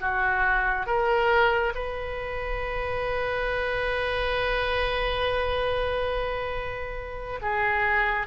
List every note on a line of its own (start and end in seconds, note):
0.00 0.86 F#4
0.86 1.73 A#4
1.75 7.40 B4
7.42 8.26 G#4